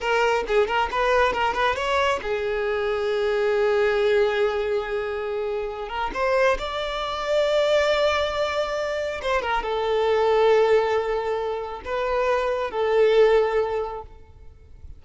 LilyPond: \new Staff \with { instrumentName = "violin" } { \time 4/4 \tempo 4 = 137 ais'4 gis'8 ais'8 b'4 ais'8 b'8 | cis''4 gis'2.~ | gis'1~ | gis'4. ais'8 c''4 d''4~ |
d''1~ | d''4 c''8 ais'8 a'2~ | a'2. b'4~ | b'4 a'2. | }